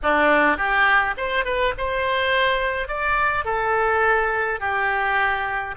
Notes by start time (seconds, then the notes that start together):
0.03 D4
0.57 G4
1.17 C5
1.44 B4
1.77 C5
2.88 D5
3.45 A4
4.59 G4